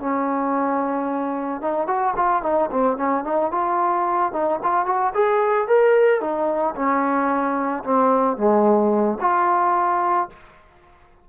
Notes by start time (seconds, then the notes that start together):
0.00 C#4
1.62 D#4
1.87 F#4
2.16 F4
2.43 D#4
2.71 C4
2.97 C#4
3.25 D#4
3.52 F4
4.33 D#4
4.63 F4
4.86 F#4
5.14 G#4
5.68 A#4
6.21 D#4
6.76 C#4
7.84 C4
8.37 G#3
9.21 F4